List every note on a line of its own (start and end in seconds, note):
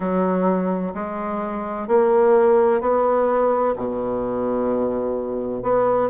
0.00 0.93 F#3
0.94 1.87 G#3
1.87 2.80 A#3
2.80 3.74 B3
3.75 5.62 B2
5.62 6.09 B3